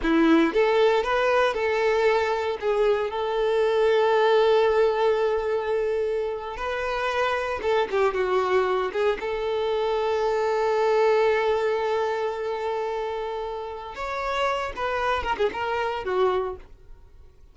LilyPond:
\new Staff \with { instrumentName = "violin" } { \time 4/4 \tempo 4 = 116 e'4 a'4 b'4 a'4~ | a'4 gis'4 a'2~ | a'1~ | a'8. b'2 a'8 g'8 fis'16~ |
fis'4~ fis'16 gis'8 a'2~ a'16~ | a'1~ | a'2. cis''4~ | cis''8 b'4 ais'16 gis'16 ais'4 fis'4 | }